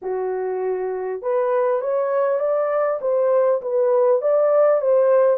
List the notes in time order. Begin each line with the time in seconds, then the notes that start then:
0.02 F#4
1.22 B4
1.81 C#5
2.39 D5
3.01 C5
3.61 B4
4.21 D5
4.81 C5